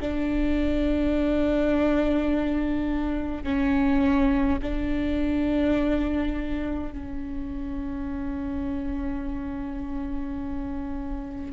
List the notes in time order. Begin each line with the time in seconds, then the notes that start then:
0.00 D4
3.43 C#4
4.62 D4
6.92 C#4